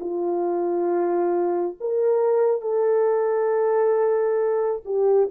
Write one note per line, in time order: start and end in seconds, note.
0.00 1.76 F4
1.80 2.61 A#4
2.61 4.82 A4
4.84 5.29 G4